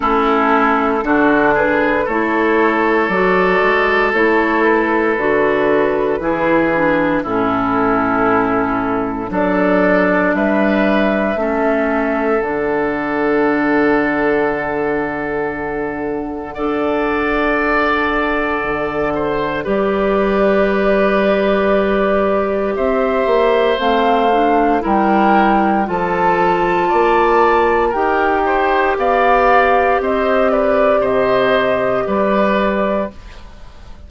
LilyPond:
<<
  \new Staff \with { instrumentName = "flute" } { \time 4/4 \tempo 4 = 58 a'4. b'8 cis''4 d''4 | cis''8 b'2~ b'8 a'4~ | a'4 d''4 e''2 | fis''1~ |
fis''2. d''4~ | d''2 e''4 f''4 | g''4 a''2 g''4 | f''4 dis''8 d''8 dis''4 d''4 | }
  \new Staff \with { instrumentName = "oboe" } { \time 4/4 e'4 fis'8 gis'8 a'2~ | a'2 gis'4 e'4~ | e'4 a'4 b'4 a'4~ | a'1 |
d''2~ d''8 c''8 b'4~ | b'2 c''2 | ais'4 a'4 d''4 ais'8 c''8 | d''4 c''8 b'8 c''4 b'4 | }
  \new Staff \with { instrumentName = "clarinet" } { \time 4/4 cis'4 d'4 e'4 fis'4 | e'4 fis'4 e'8 d'8 cis'4~ | cis'4 d'2 cis'4 | d'1 |
a'2. g'4~ | g'2. c'8 d'8 | e'4 f'2 g'4~ | g'1 | }
  \new Staff \with { instrumentName = "bassoon" } { \time 4/4 a4 d4 a4 fis8 gis8 | a4 d4 e4 a,4~ | a,4 fis4 g4 a4 | d1 |
d'2 d4 g4~ | g2 c'8 ais8 a4 | g4 f4 ais4 dis'4 | b4 c'4 c4 g4 | }
>>